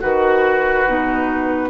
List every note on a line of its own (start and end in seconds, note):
0.00 0.87 D#3
0.00 0.86 F#4
0.00 1.70 F#4
0.00 1.70 B4
0.86 1.70 B2
0.86 1.70 D#4